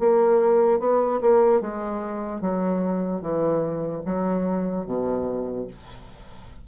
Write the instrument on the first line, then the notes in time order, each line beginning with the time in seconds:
bassoon
0.00 A#3
0.80 B3
1.22 A#3
1.61 G#3
2.42 F#3
3.22 E3
4.06 F#3
4.86 B2